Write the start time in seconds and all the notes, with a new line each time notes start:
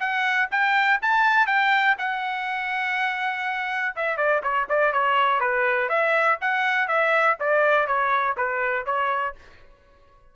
0.00 F#5
0.51 G5
1.02 A5
1.47 G5
1.99 F#5
3.96 E5
4.17 D5
4.43 C#5
4.69 D5
4.93 C#5
5.41 B4
5.89 E5
6.42 F#5
6.88 E5
7.40 D5
7.87 C#5
8.37 B4
8.86 C#5